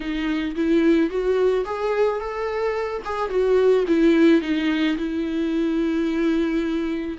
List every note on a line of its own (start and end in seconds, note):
0.00 0.55 D#4
0.55 1.09 E4
1.09 1.64 F#4
1.65 2.19 G#4
2.19 3.02 A4
3.05 3.29 G#4
3.29 3.84 F#4
3.87 4.41 E4
4.41 4.96 D#4
4.97 7.17 E4